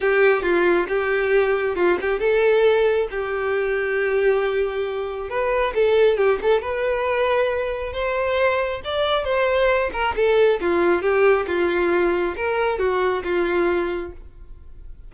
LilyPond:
\new Staff \with { instrumentName = "violin" } { \time 4/4 \tempo 4 = 136 g'4 f'4 g'2 | f'8 g'8 a'2 g'4~ | g'1 | b'4 a'4 g'8 a'8 b'4~ |
b'2 c''2 | d''4 c''4. ais'8 a'4 | f'4 g'4 f'2 | ais'4 fis'4 f'2 | }